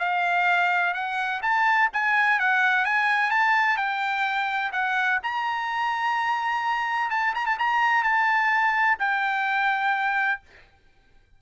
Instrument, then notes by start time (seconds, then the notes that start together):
trumpet
0.00 F5
0.94 F#5
1.43 A5
1.93 G#5
2.40 F#5
2.85 G#5
3.31 A5
3.78 G5
4.73 F#5
5.24 A#5
7.11 A5
7.35 A#5
7.46 A5
7.59 A#5
8.04 A5
9.00 G5